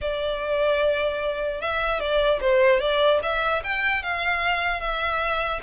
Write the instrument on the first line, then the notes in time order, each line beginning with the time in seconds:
violin
0.01 D5
1.61 E5
1.99 D5
2.40 C5
2.80 D5
3.22 E5
3.63 G5
4.03 F5
4.80 E5